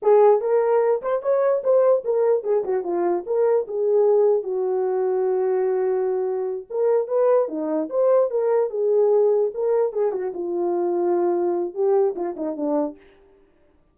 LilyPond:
\new Staff \with { instrumentName = "horn" } { \time 4/4 \tempo 4 = 148 gis'4 ais'4. c''8 cis''4 | c''4 ais'4 gis'8 fis'8 f'4 | ais'4 gis'2 fis'4~ | fis'1~ |
fis'8 ais'4 b'4 dis'4 c''8~ | c''8 ais'4 gis'2 ais'8~ | ais'8 gis'8 fis'8 f'2~ f'8~ | f'4 g'4 f'8 dis'8 d'4 | }